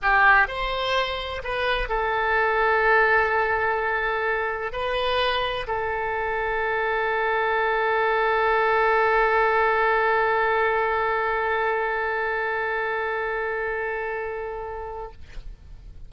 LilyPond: \new Staff \with { instrumentName = "oboe" } { \time 4/4 \tempo 4 = 127 g'4 c''2 b'4 | a'1~ | a'2 b'2 | a'1~ |
a'1~ | a'1~ | a'1~ | a'1 | }